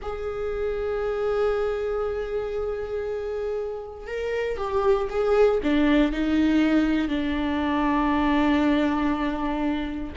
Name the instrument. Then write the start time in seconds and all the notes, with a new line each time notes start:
viola
0.01 G#4
4.07 A#4
4.57 G4
5.09 G#4
5.63 D4
6.11 D#4
7.08 D4